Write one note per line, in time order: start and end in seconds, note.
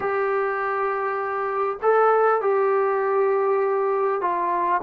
0.00 1.78 G4
1.82 2.41 A4
2.41 4.21 G4
4.21 4.81 F4